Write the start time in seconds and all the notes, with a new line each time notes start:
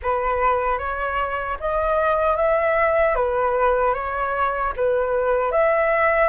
0.02 B4
0.78 C#5
1.60 D#5
2.36 E5
3.15 B4
3.94 C#5
4.76 B4
5.51 E5